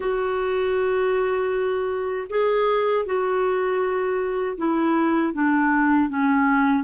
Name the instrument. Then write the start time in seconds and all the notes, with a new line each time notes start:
clarinet
0.00 F#4
2.29 G#4
3.05 F#4
4.57 E4
5.33 D4
6.09 C#4